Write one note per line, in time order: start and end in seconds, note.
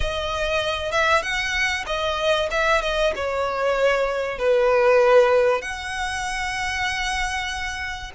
0.00 0.91 D#5
0.91 1.22 E5
1.22 1.84 F#5
1.86 2.49 D#5
2.50 2.81 E5
2.81 3.12 D#5
3.15 4.38 C#5
4.38 5.61 B4
5.61 8.11 F#5